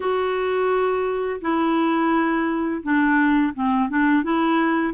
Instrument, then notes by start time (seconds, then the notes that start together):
clarinet
0.00 F#4
1.41 E4
2.82 D4
3.54 C4
3.89 D4
4.23 E4